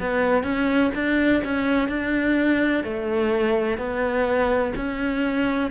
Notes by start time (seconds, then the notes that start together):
0.00 B3
0.43 C#4
0.94 D4
1.44 C#4
1.89 D4
2.84 A3
3.78 B3
4.76 C#4